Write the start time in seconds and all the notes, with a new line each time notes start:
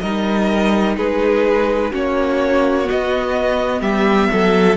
0.00 G3 D#4 A#4 D#5
0.97 G#3 G#4 B4
1.91 A#3 C#4 F#4 C#5
2.84 B3 D#5
2.91 B3
3.81 G3 G4 E5
4.32 F#3 A4